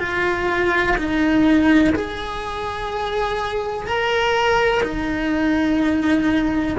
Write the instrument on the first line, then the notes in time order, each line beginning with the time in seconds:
cello
0.00 F4
0.97 D#4
1.95 G#4
3.88 A#4
4.83 D#4